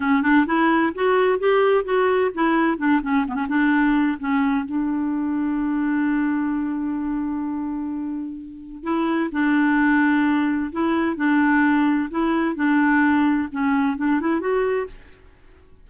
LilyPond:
\new Staff \with { instrumentName = "clarinet" } { \time 4/4 \tempo 4 = 129 cis'8 d'8 e'4 fis'4 g'4 | fis'4 e'4 d'8 cis'8 b16 cis'16 d'8~ | d'4 cis'4 d'2~ | d'1~ |
d'2. e'4 | d'2. e'4 | d'2 e'4 d'4~ | d'4 cis'4 d'8 e'8 fis'4 | }